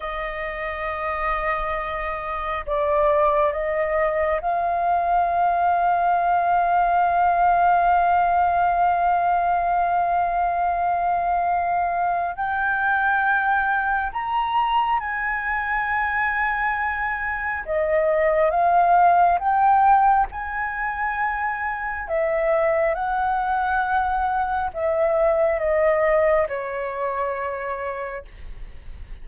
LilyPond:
\new Staff \with { instrumentName = "flute" } { \time 4/4 \tempo 4 = 68 dis''2. d''4 | dis''4 f''2.~ | f''1~ | f''2 g''2 |
ais''4 gis''2. | dis''4 f''4 g''4 gis''4~ | gis''4 e''4 fis''2 | e''4 dis''4 cis''2 | }